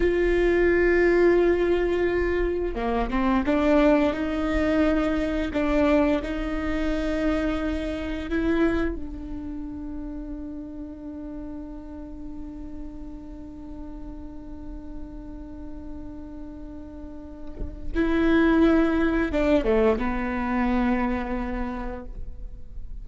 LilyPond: \new Staff \with { instrumentName = "viola" } { \time 4/4 \tempo 4 = 87 f'1 | ais8 c'8 d'4 dis'2 | d'4 dis'2. | e'4 d'2.~ |
d'1~ | d'1~ | d'2 e'2 | d'8 a8 b2. | }